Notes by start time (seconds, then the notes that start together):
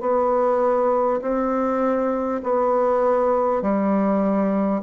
0.00 B3
1.21 C4
2.43 B3
3.62 G3